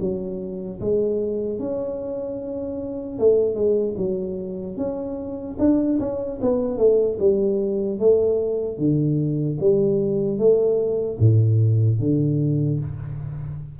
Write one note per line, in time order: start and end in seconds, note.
0.00 0.80 F#3
0.81 1.60 G#3
1.60 3.19 C#4
3.19 3.55 A3
3.55 3.95 G#3
3.97 4.77 F#3
4.77 5.57 C#4
5.59 5.99 D4
6.00 6.40 C#4
6.42 6.77 B3
6.77 7.17 A3
7.19 7.99 G3
7.99 8.78 A3
8.78 9.58 D3
9.60 10.39 G3
10.39 11.19 A3
11.20 12.00 A2
12.00 12.80 D3